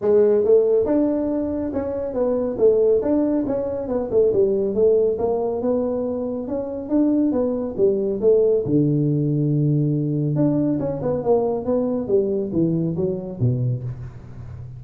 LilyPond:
\new Staff \with { instrumentName = "tuba" } { \time 4/4 \tempo 4 = 139 gis4 a4 d'2 | cis'4 b4 a4 d'4 | cis'4 b8 a8 g4 a4 | ais4 b2 cis'4 |
d'4 b4 g4 a4 | d1 | d'4 cis'8 b8 ais4 b4 | g4 e4 fis4 b,4 | }